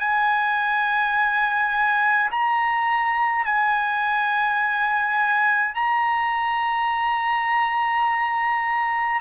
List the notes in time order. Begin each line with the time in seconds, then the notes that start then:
0.00 G#5
2.31 A#5
3.46 G#5
5.75 A#5